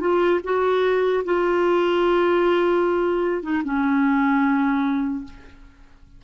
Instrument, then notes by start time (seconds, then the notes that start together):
clarinet
0.00 F4
0.44 F#4
1.24 F4
3.42 D#4
3.64 C#4